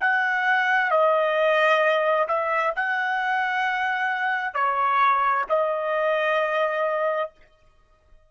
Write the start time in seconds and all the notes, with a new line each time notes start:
0.00 F#5
0.91 D#5
2.28 E5
2.76 F#5
4.54 C#5
5.49 D#5